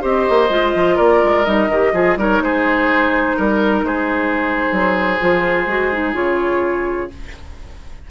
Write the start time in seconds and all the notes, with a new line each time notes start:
0.00 C4 G4 C5 D#5
0.29 A#3
0.49 G#3 F4
0.74 F3
0.95 A#3 A#4 D5
1.23 G#3
1.44 G3 D#4 D#5
1.68 D#3 G4
1.93 F3 F4 G#4
2.16 G3 D#4 A#4 C#5
2.40 G#3 G#4 C5
3.36 G3 A#4
3.83 G#3 G#4 C5
4.72 F#3
5.19 F3 F4
5.66 G#3 F#4
5.92 D#4
6.13 C#3 F4 C#5